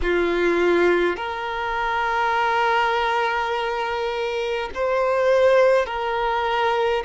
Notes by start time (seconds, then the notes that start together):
0.02 F4
1.16 A#4
4.74 C5
5.86 A#4